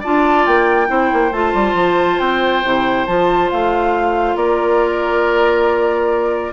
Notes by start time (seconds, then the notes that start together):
0.00 D4 F4 D5 A5
0.46 A#3 G5
0.87 C4 E4 C5
1.13 A#3
1.31 A3 F4 A5
1.53 G3
1.73 F3
2.18 C4 G5
2.63 C3 E4
3.06 F3 F4 A5
3.50 A3 F5
4.35 A#3 A#4 D5